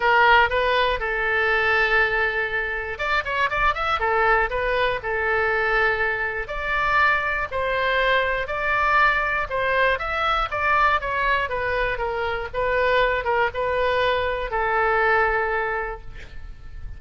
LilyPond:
\new Staff \with { instrumentName = "oboe" } { \time 4/4 \tempo 4 = 120 ais'4 b'4 a'2~ | a'2 d''8 cis''8 d''8 e''8 | a'4 b'4 a'2~ | a'4 d''2 c''4~ |
c''4 d''2 c''4 | e''4 d''4 cis''4 b'4 | ais'4 b'4. ais'8 b'4~ | b'4 a'2. | }